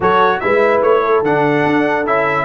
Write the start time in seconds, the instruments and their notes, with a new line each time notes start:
0.00 tuba F#3, trombone F#4, horn A4, trumpet C#5
0.39 tuba G#3, trombone E4, horn B4, trumpet E5
0.82 tuba A3, trumpet C#5
1.03 horn A4
1.22 tuba D3, trombone D4, trumpet F#5
1.65 tuba D4
2.06 tuba C#4, trombone E4, trumpet E5